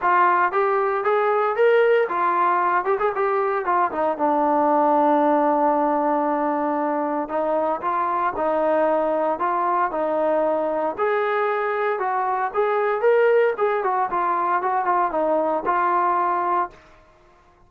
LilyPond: \new Staff \with { instrumentName = "trombone" } { \time 4/4 \tempo 4 = 115 f'4 g'4 gis'4 ais'4 | f'4. g'16 gis'16 g'4 f'8 dis'8 | d'1~ | d'2 dis'4 f'4 |
dis'2 f'4 dis'4~ | dis'4 gis'2 fis'4 | gis'4 ais'4 gis'8 fis'8 f'4 | fis'8 f'8 dis'4 f'2 | }